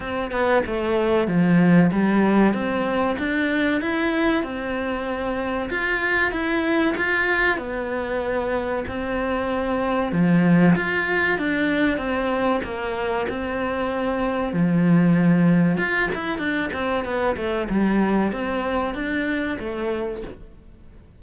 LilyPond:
\new Staff \with { instrumentName = "cello" } { \time 4/4 \tempo 4 = 95 c'8 b8 a4 f4 g4 | c'4 d'4 e'4 c'4~ | c'4 f'4 e'4 f'4 | b2 c'2 |
f4 f'4 d'4 c'4 | ais4 c'2 f4~ | f4 f'8 e'8 d'8 c'8 b8 a8 | g4 c'4 d'4 a4 | }